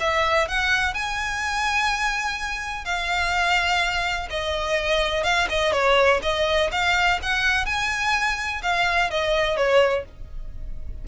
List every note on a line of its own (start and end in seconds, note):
0.00 0.48 E5
0.48 0.94 F#5
0.94 2.85 G#5
2.85 4.29 F5
4.30 5.24 D#5
5.24 5.48 F5
5.49 5.73 D#5
5.73 6.21 C#5
6.23 6.71 D#5
6.72 7.20 F5
7.23 7.66 F#5
7.66 8.62 G#5
8.62 9.10 F5
9.11 9.57 D#5
9.57 10.05 C#5